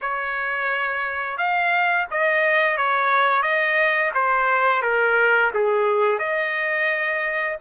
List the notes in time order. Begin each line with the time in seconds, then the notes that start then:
0.01 C#5
1.37 F5
2.10 D#5
2.77 C#5
3.42 D#5
4.14 C5
4.82 A#4
5.54 G#4
6.18 D#5